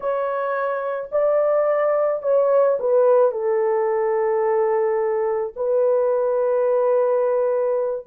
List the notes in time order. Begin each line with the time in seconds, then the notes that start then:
0.00 C#5
1.11 D5
2.22 C#5
2.79 B4
3.31 A4
5.56 B4